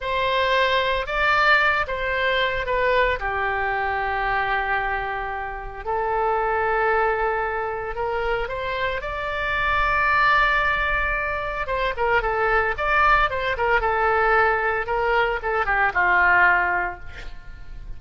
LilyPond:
\new Staff \with { instrumentName = "oboe" } { \time 4/4 \tempo 4 = 113 c''2 d''4. c''8~ | c''4 b'4 g'2~ | g'2. a'4~ | a'2. ais'4 |
c''4 d''2.~ | d''2 c''8 ais'8 a'4 | d''4 c''8 ais'8 a'2 | ais'4 a'8 g'8 f'2 | }